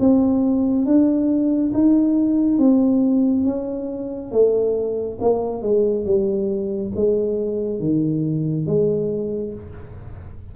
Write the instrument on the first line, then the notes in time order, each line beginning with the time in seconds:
tuba
0.00 C4
0.86 D4
1.74 D#4
2.58 C4
3.45 C#4
4.32 A3
5.21 A#3
5.62 G#3
6.06 G3
6.96 G#3
7.80 D#3
8.67 G#3